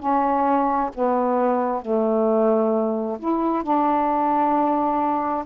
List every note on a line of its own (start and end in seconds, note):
0.00 0.91 C#4
0.95 1.83 B3
1.83 3.19 A3
3.19 3.63 E4
3.63 5.45 D4